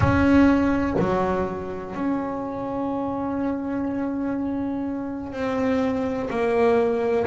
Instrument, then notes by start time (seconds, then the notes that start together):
double bass
0.00 C#4
0.99 F#3
1.94 C#4
5.32 C4
6.29 A#3